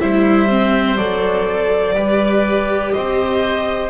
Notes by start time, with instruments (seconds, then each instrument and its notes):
0.00 double bass G3, viola E4, oboe C5, violin E5
0.49 viola C4
0.97 double bass F#3, viola A4, violin D5
1.95 double bass G3, viola G4, oboe B4
2.93 double bass C4, oboe C5, violin D#5